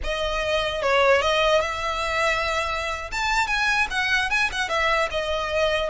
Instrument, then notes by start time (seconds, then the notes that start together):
violin
0.03 D#5
0.81 C#5
1.21 D#5
1.60 E5
3.11 A5
3.47 G#5
3.90 F#5
4.29 G#5
4.51 F#5
4.69 E5
5.10 D#5